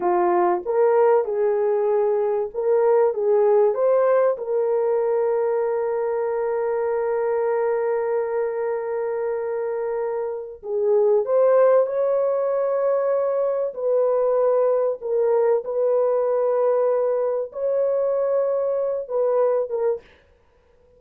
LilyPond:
\new Staff \with { instrumentName = "horn" } { \time 4/4 \tempo 4 = 96 f'4 ais'4 gis'2 | ais'4 gis'4 c''4 ais'4~ | ais'1~ | ais'1~ |
ais'4 gis'4 c''4 cis''4~ | cis''2 b'2 | ais'4 b'2. | cis''2~ cis''8 b'4 ais'8 | }